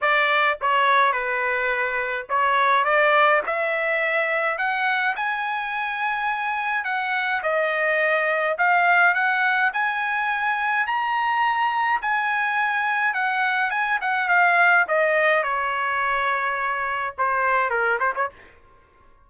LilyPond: \new Staff \with { instrumentName = "trumpet" } { \time 4/4 \tempo 4 = 105 d''4 cis''4 b'2 | cis''4 d''4 e''2 | fis''4 gis''2. | fis''4 dis''2 f''4 |
fis''4 gis''2 ais''4~ | ais''4 gis''2 fis''4 | gis''8 fis''8 f''4 dis''4 cis''4~ | cis''2 c''4 ais'8 c''16 cis''16 | }